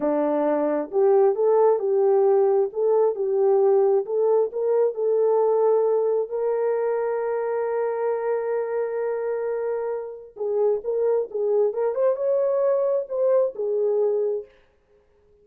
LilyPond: \new Staff \with { instrumentName = "horn" } { \time 4/4 \tempo 4 = 133 d'2 g'4 a'4 | g'2 a'4 g'4~ | g'4 a'4 ais'4 a'4~ | a'2 ais'2~ |
ais'1~ | ais'2. gis'4 | ais'4 gis'4 ais'8 c''8 cis''4~ | cis''4 c''4 gis'2 | }